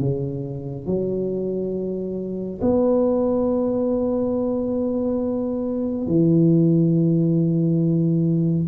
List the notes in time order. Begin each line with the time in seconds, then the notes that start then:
0.00 C#3
0.87 F#3
2.62 B3
6.08 E3